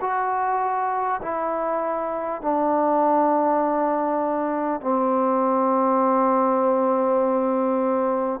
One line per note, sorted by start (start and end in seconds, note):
0.00 1.20 F#4
1.22 2.41 E4
2.41 4.81 D4
4.81 8.40 C4